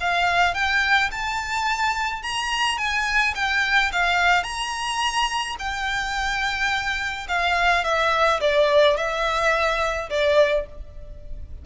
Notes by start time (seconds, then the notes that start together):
0.00 F5
0.54 G5
1.12 A5
2.23 A#5
2.78 G#5
3.35 G5
3.92 F5
4.43 A#5
5.59 G5
7.28 F5
7.84 E5
8.41 D5
8.97 E5
10.10 D5